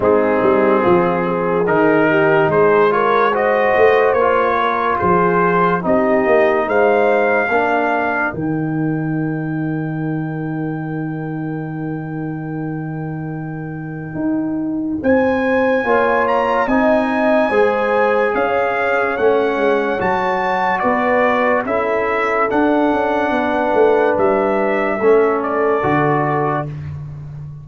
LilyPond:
<<
  \new Staff \with { instrumentName = "trumpet" } { \time 4/4 \tempo 4 = 72 gis'2 ais'4 c''8 cis''8 | dis''4 cis''4 c''4 dis''4 | f''2 g''2~ | g''1~ |
g''2 gis''4. ais''8 | gis''2 f''4 fis''4 | a''4 d''4 e''4 fis''4~ | fis''4 e''4. d''4. | }
  \new Staff \with { instrumentName = "horn" } { \time 4/4 dis'4 f'8 gis'4 g'8 gis'8 ais'8 | c''4. ais'8 gis'4 g'4 | c''4 ais'2.~ | ais'1~ |
ais'2 c''4 cis''4 | dis''4 c''4 cis''2~ | cis''4 b'4 a'2 | b'2 a'2 | }
  \new Staff \with { instrumentName = "trombone" } { \time 4/4 c'2 dis'4. f'8 | fis'4 f'2 dis'4~ | dis'4 d'4 dis'2~ | dis'1~ |
dis'2. f'4 | dis'4 gis'2 cis'4 | fis'2 e'4 d'4~ | d'2 cis'4 fis'4 | }
  \new Staff \with { instrumentName = "tuba" } { \time 4/4 gis8 g8 f4 dis4 gis4~ | gis8 a8 ais4 f4 c'8 ais8 | gis4 ais4 dis2~ | dis1~ |
dis4 dis'4 c'4 ais4 | c'4 gis4 cis'4 a8 gis8 | fis4 b4 cis'4 d'8 cis'8 | b8 a8 g4 a4 d4 | }
>>